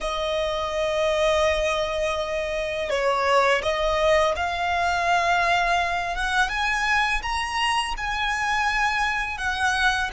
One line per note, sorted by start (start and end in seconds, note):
0.00 2.89 D#5
2.89 3.62 C#5
3.62 4.34 D#5
4.35 6.15 F5
6.15 6.49 F#5
6.49 7.21 G#5
7.22 7.94 A#5
7.97 9.37 G#5
9.37 10.10 F#5